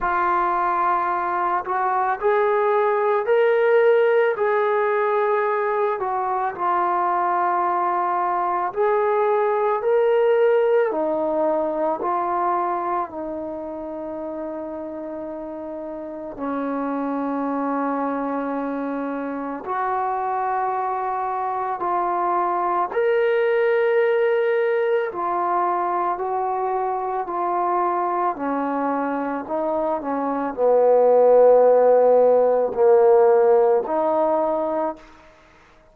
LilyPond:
\new Staff \with { instrumentName = "trombone" } { \time 4/4 \tempo 4 = 55 f'4. fis'8 gis'4 ais'4 | gis'4. fis'8 f'2 | gis'4 ais'4 dis'4 f'4 | dis'2. cis'4~ |
cis'2 fis'2 | f'4 ais'2 f'4 | fis'4 f'4 cis'4 dis'8 cis'8 | b2 ais4 dis'4 | }